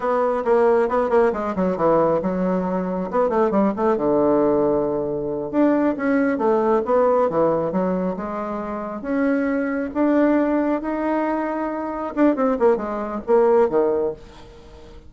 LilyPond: \new Staff \with { instrumentName = "bassoon" } { \time 4/4 \tempo 4 = 136 b4 ais4 b8 ais8 gis8 fis8 | e4 fis2 b8 a8 | g8 a8 d2.~ | d8 d'4 cis'4 a4 b8~ |
b8 e4 fis4 gis4.~ | gis8 cis'2 d'4.~ | d'8 dis'2. d'8 | c'8 ais8 gis4 ais4 dis4 | }